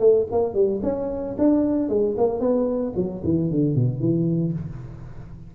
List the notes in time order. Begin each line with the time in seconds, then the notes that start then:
0.00 A3
0.32 A#3
0.55 G3
0.83 C#4
1.39 D4
1.89 G#3
2.18 A#3
2.40 B3
2.96 F#3
3.24 E3
3.51 D3
3.75 B2
4.00 E3